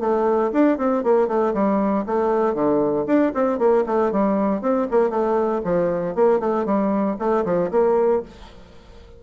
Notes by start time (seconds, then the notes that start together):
0.00 A3
0.52 D4
0.78 C4
1.03 A#3
1.28 A3
1.54 G3
2.06 A3
2.54 D3
3.07 D4
3.34 C4
3.59 A#3
3.86 A3
4.12 G3
4.62 C4
4.91 A#3
5.10 A3
5.64 F3
6.15 A#3
6.40 A3
6.65 G3
7.19 A3
7.45 F3
7.71 A#3